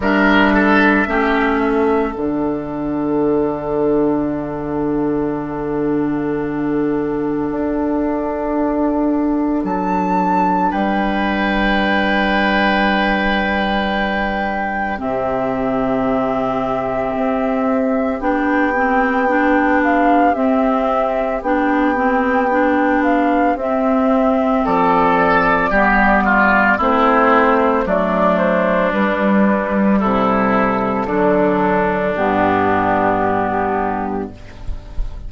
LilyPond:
<<
  \new Staff \with { instrumentName = "flute" } { \time 4/4 \tempo 4 = 56 e''2 fis''2~ | fis''1~ | fis''4 a''4 g''2~ | g''2 e''2~ |
e''4 g''4. f''8 e''4 | g''4. f''8 e''4 d''4~ | d''4 c''4 d''8 c''8 b'4 | a'2 g'2 | }
  \new Staff \with { instrumentName = "oboe" } { \time 4/4 ais'8 a'8 g'8 a'2~ a'8~ | a'1~ | a'2 b'2~ | b'2 g'2~ |
g'1~ | g'2. a'4 | g'8 f'8 e'4 d'2 | e'4 d'2. | }
  \new Staff \with { instrumentName = "clarinet" } { \time 4/4 d'4 cis'4 d'2~ | d'1~ | d'1~ | d'2 c'2~ |
c'4 d'8 c'8 d'4 c'4 | d'8 c'8 d'4 c'2 | b4 c'4 a4 g4~ | g4 fis4 b2 | }
  \new Staff \with { instrumentName = "bassoon" } { \time 4/4 g4 a4 d2~ | d2. d'4~ | d'4 fis4 g2~ | g2 c2 |
c'4 b2 c'4 | b2 c'4 f4 | g4 a4 fis4 g4 | c4 d4 g,2 | }
>>